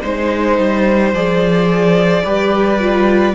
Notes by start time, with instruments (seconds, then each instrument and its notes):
0.00 cello G#3, viola D#4, violin C5
0.58 cello G3
1.13 cello F3, viola G#4, violin D5
2.24 cello G3, viola G4, violin B4
2.79 viola F4